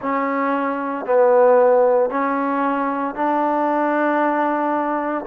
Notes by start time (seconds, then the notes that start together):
0.01 C#4
1.05 B3
2.10 C#4
3.14 D4